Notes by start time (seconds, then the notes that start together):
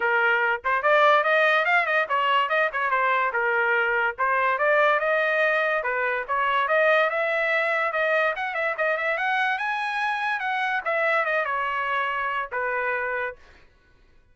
0.00 A#4
0.64 C5
0.82 D5
1.23 D#5
1.65 F5
1.86 D#5
2.09 C#5
2.49 D#5
2.72 C#5
2.90 C5
3.32 A#4
4.18 C5
4.58 D5
4.99 D#5
5.83 B4
6.27 C#5
6.68 D#5
7.10 E5
7.92 D#5
8.36 F#5
8.54 E5
8.77 D#5
8.97 E5
9.17 F#5
9.58 G#5
10.39 F#5
10.84 E5
11.25 D#5
11.45 C#5
12.52 B4